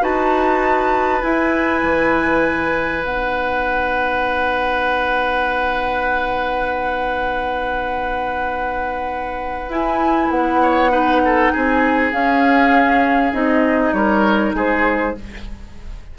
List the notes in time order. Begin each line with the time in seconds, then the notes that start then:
0.00 D#4 F#4 B4 A5
1.22 E4 G#5
1.82 E3
3.03 B3 D#4 F#5
9.68 E4 G#5
10.30 B3 F#5
10.62 C#5
10.90 D#4 B4
11.25 A4
11.52 C4 G#4 G#5
12.12 C#4 F5
13.33 C4 D#4 D#5
13.93 G3 A#4 C#5
14.54 G#3 G#4 C5